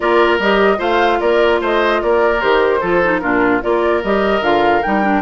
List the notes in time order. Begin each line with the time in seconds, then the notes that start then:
0.00 A#3 F4 A#4 D5
0.38 G3 G4 D#5
0.77 A3 F4 C5 F5
1.20 A#3 A#4 D5
1.61 A3 C5 D#5
2.02 A#3 A#4 D5
2.40 D#3 G4 C5
2.80 F3 F4 A4
3.02 D#4
3.19 A#2 D4 F4 A#4
3.61 A#3 F4 A#4 D5
4.03 G3 G4 D#5
4.41 D3 F4 F5
4.82 G3 D#4 G5
5.02 D4